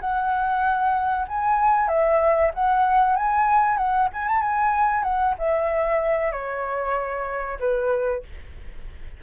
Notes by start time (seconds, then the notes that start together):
0.00 F#5
1.28 G#5
1.88 E5
2.53 F#5
3.16 G#5
3.77 F#5
4.13 G#5
4.28 A5
4.41 G#5
5.03 F#5
5.38 E5
6.32 C#5
7.59 B4